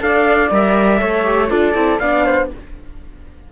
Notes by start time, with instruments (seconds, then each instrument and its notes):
0.00 cello D4, viola A4, flute D5, trumpet F5
0.51 cello G3, viola A#4, trumpet E5
0.99 cello A3, viola A4, flute C#5
1.24 viola G4
1.49 cello D4, viola F4, flute A4, trumpet D5
1.74 cello C4, viola E4
1.99 cello B3, viola D4, flute D5, trumpet F5
2.25 flute C5